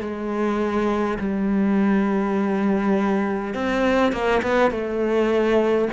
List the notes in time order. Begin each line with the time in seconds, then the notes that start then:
0.00 G#3
1.19 G3
3.54 C4
4.12 A#3
4.42 B3
4.71 A3